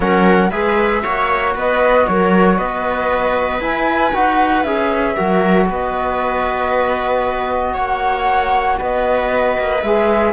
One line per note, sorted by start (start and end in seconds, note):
0.00 0.51 F#3
0.00 0.51 C#4
0.00 0.50 A#4
0.00 0.49 F#5
0.49 1.03 G#3
0.49 1.03 G#4
0.49 1.02 B4
0.49 1.53 E5
1.03 1.55 A#3
1.03 3.61 F#4
1.03 1.54 C#5
1.55 2.07 B3
1.55 2.06 B4
1.55 2.07 D#5
2.07 2.58 F#3
2.07 2.57 A#4
2.07 2.57 C#5
2.57 3.59 B3
2.57 5.16 B4
2.57 3.61 D#5
3.59 4.11 E4
3.59 4.12 E4
3.59 4.14 G#5
4.13 4.64 D#4
4.13 4.65 F#4
4.13 4.63 F#5
4.63 5.15 C#4
4.63 5.16 G#4
4.63 5.66 E5
5.16 5.69 F#3
5.16 9.81 F#4
5.16 5.67 A#4
5.69 7.76 B3
5.69 7.73 B4
5.69 7.76 D#5
7.73 8.79 A#3
7.73 8.77 C#5
7.73 8.79 F#5
8.78 9.58 B3
8.78 10.33 B4
8.78 9.81 D#5
9.58 9.82 A#3
9.81 10.33 G#3
9.81 10.33 G#4
9.81 10.33 E5